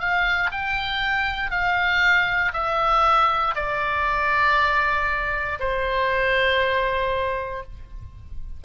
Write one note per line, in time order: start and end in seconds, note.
0.00 0.51 F5
0.52 1.51 G5
1.51 2.53 F5
2.54 3.55 E5
3.56 5.59 D5
5.60 7.64 C5